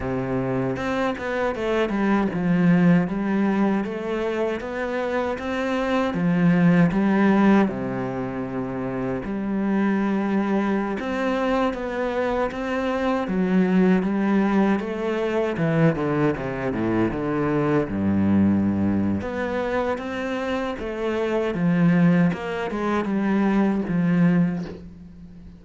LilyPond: \new Staff \with { instrumentName = "cello" } { \time 4/4 \tempo 4 = 78 c4 c'8 b8 a8 g8 f4 | g4 a4 b4 c'4 | f4 g4 c2 | g2~ g16 c'4 b8.~ |
b16 c'4 fis4 g4 a8.~ | a16 e8 d8 c8 a,8 d4 g,8.~ | g,4 b4 c'4 a4 | f4 ais8 gis8 g4 f4 | }